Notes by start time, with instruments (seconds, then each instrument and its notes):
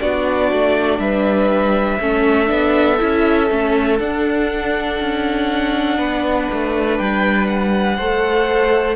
0.00 cello B3, viola D4, violin F#4 D5
0.52 cello A3
0.99 cello G3, violin B4 E5
2.00 cello A3, viola C#4, violin A4
2.47 cello B3, viola D4
2.99 cello C#4, viola E4
3.50 cello A3, viola C#4
3.99 viola D4, cello D4, violin F#5
5.00 cello C#4
5.98 cello B3, violin B4
6.53 cello A3
6.98 cello G3, violin G5
7.47 violin F#5
7.96 cello A3, viola A4, violin C5